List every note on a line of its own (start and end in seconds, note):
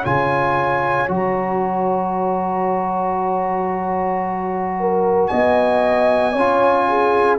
0.00 1.09 C#3
0.00 1.08 F4
0.00 4.74 C#5
0.00 1.10 G#5
1.08 5.30 F#3
1.08 6.34 F#4
1.08 5.27 A#5
4.79 5.30 A#4
5.27 6.35 B3
5.27 6.32 D#5
5.27 7.37 G#5
6.32 7.39 C#4
6.32 7.39 F4
6.32 6.85 C#5
6.88 7.39 G#4